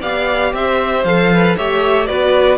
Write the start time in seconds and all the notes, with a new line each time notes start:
0.00 B3 G4 D5 F5
0.53 C4 C5 E5
1.04 F3 A4 F5
1.34 B4
1.56 A3 G4 C#5 E5
2.07 B3 F#4 B4 D5